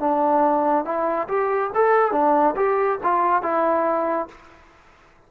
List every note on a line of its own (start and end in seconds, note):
0.00 0.85 D4
0.85 1.27 E4
1.28 1.71 G4
1.75 2.12 A4
2.12 2.55 D4
2.56 2.99 G4
3.03 3.42 F4
3.42 4.28 E4